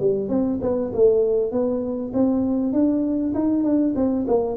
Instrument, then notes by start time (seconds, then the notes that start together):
tuba
0.00 G3
0.29 C4
0.61 B3
0.93 A3
1.51 B3
2.13 C4
2.72 D4
3.34 D#4
3.63 D4
3.95 C4
4.27 A#3